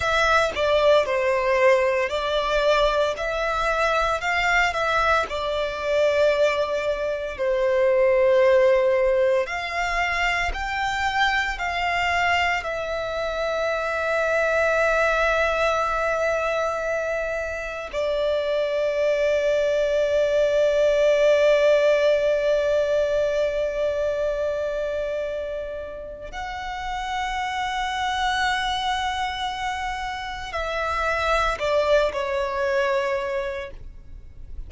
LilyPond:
\new Staff \with { instrumentName = "violin" } { \time 4/4 \tempo 4 = 57 e''8 d''8 c''4 d''4 e''4 | f''8 e''8 d''2 c''4~ | c''4 f''4 g''4 f''4 | e''1~ |
e''4 d''2.~ | d''1~ | d''4 fis''2.~ | fis''4 e''4 d''8 cis''4. | }